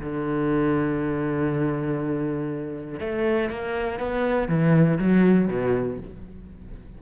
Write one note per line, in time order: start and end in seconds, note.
0.00 3.00 D3
3.00 3.50 A3
3.50 4.00 A#3
4.00 4.49 B3
4.49 4.99 E3
4.99 5.48 F#3
5.48 5.98 B2